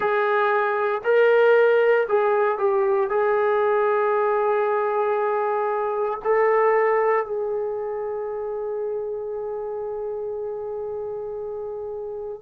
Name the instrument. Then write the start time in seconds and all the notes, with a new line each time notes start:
trombone
0.00 G#4
1.03 A#4
2.08 G#4
2.58 G4
3.09 G#4
6.24 A4
7.25 G#4